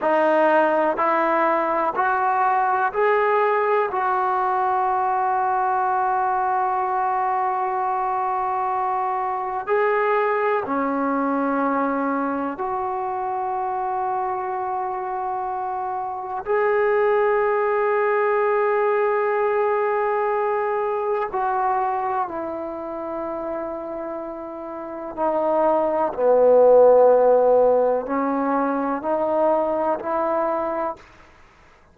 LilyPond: \new Staff \with { instrumentName = "trombone" } { \time 4/4 \tempo 4 = 62 dis'4 e'4 fis'4 gis'4 | fis'1~ | fis'2 gis'4 cis'4~ | cis'4 fis'2.~ |
fis'4 gis'2.~ | gis'2 fis'4 e'4~ | e'2 dis'4 b4~ | b4 cis'4 dis'4 e'4 | }